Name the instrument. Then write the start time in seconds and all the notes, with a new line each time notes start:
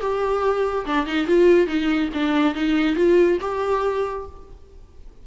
viola
0.00 G4
0.85 D4
1.06 D#4
1.27 F4
1.67 D#4
2.13 D4
2.54 D#4
2.95 F4
3.41 G4